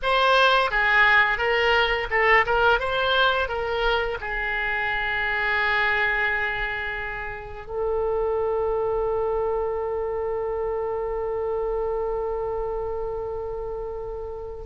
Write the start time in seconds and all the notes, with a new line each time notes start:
0.02 C5
0.70 G#4
1.38 A#4
2.10 A4
2.46 A#4
2.79 C5
3.48 A#4
4.20 G#4
7.66 A4